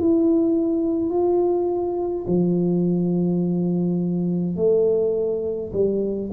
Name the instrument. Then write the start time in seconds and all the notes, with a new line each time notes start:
tuba
0.00 E4
1.11 F4
2.28 F3
4.57 A3
5.73 G3